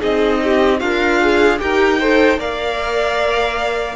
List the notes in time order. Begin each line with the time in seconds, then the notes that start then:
0.00 C4 D#4 G#4 D#5
0.43 G4
0.79 D4 F4 A#4 F5
1.21 G#4
1.59 D#4 G4 A#4 G5
1.99 A4 C5
2.38 A#3 A#4 D5 F5